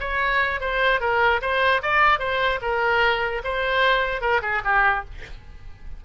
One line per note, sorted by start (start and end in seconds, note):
0.00 0.60 C#5
0.61 1.00 C5
1.00 1.41 A#4
1.41 1.82 C5
1.82 2.19 D5
2.19 2.59 C5
2.62 3.42 A#4
3.44 4.21 C5
4.21 4.41 A#4
4.42 4.62 G#4
4.65 5.05 G4